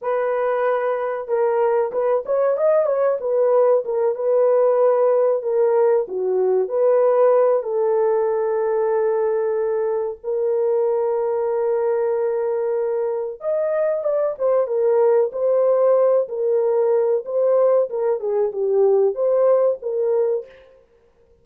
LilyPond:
\new Staff \with { instrumentName = "horn" } { \time 4/4 \tempo 4 = 94 b'2 ais'4 b'8 cis''8 | dis''8 cis''8 b'4 ais'8 b'4.~ | b'8 ais'4 fis'4 b'4. | a'1 |
ais'1~ | ais'4 dis''4 d''8 c''8 ais'4 | c''4. ais'4. c''4 | ais'8 gis'8 g'4 c''4 ais'4 | }